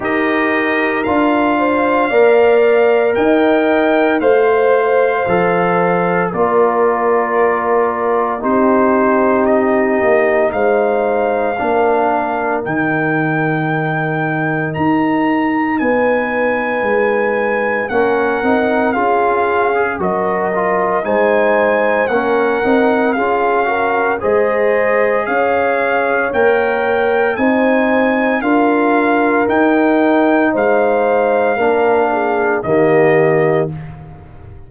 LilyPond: <<
  \new Staff \with { instrumentName = "trumpet" } { \time 4/4 \tempo 4 = 57 dis''4 f''2 g''4 | f''2 d''2 | c''4 dis''4 f''2 | g''2 ais''4 gis''4~ |
gis''4 fis''4 f''4 dis''4 | gis''4 fis''4 f''4 dis''4 | f''4 g''4 gis''4 f''4 | g''4 f''2 dis''4 | }
  \new Staff \with { instrumentName = "horn" } { \time 4/4 ais'4. c''8 d''4 dis''4 | c''2 ais'2 | g'2 c''4 ais'4~ | ais'2. b'4~ |
b'4 ais'4 gis'4 ais'4 | c''4 ais'4 gis'8 ais'8 c''4 | cis''2 c''4 ais'4~ | ais'4 c''4 ais'8 gis'8 g'4 | }
  \new Staff \with { instrumentName = "trombone" } { \time 4/4 g'4 f'4 ais'2 | c''4 a'4 f'2 | dis'2. d'4 | dis'1~ |
dis'4 cis'8 dis'8 f'8. gis'16 fis'8 f'8 | dis'4 cis'8 dis'8 f'8 fis'8 gis'4~ | gis'4 ais'4 dis'4 f'4 | dis'2 d'4 ais4 | }
  \new Staff \with { instrumentName = "tuba" } { \time 4/4 dis'4 d'4 ais4 dis'4 | a4 f4 ais2 | c'4. ais8 gis4 ais4 | dis2 dis'4 b4 |
gis4 ais8 c'8 cis'4 fis4 | gis4 ais8 c'8 cis'4 gis4 | cis'4 ais4 c'4 d'4 | dis'4 gis4 ais4 dis4 | }
>>